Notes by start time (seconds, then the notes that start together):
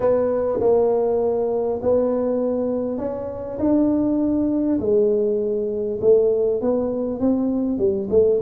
0.00 B3
0.60 A#3
1.82 B3
2.98 C#4
3.59 D4
4.80 G#3
6.01 A3
6.61 B3
7.19 C4
7.78 G3
8.09 A3